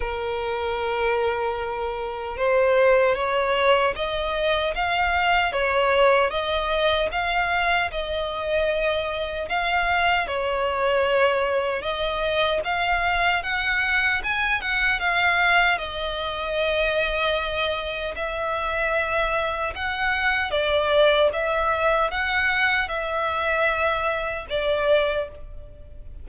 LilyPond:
\new Staff \with { instrumentName = "violin" } { \time 4/4 \tempo 4 = 76 ais'2. c''4 | cis''4 dis''4 f''4 cis''4 | dis''4 f''4 dis''2 | f''4 cis''2 dis''4 |
f''4 fis''4 gis''8 fis''8 f''4 | dis''2. e''4~ | e''4 fis''4 d''4 e''4 | fis''4 e''2 d''4 | }